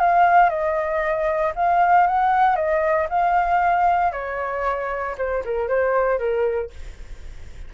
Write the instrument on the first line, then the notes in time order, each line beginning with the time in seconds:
flute
0.00 F5
0.50 D#5
1.56 F5
2.07 F#5
2.56 D#5
3.10 F5
4.13 C#5
5.18 C5
5.45 A#4
5.68 C5
6.19 A#4